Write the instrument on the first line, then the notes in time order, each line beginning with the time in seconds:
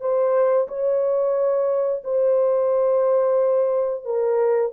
horn
0.00 C5
0.68 C#5
2.04 C5
4.04 A#4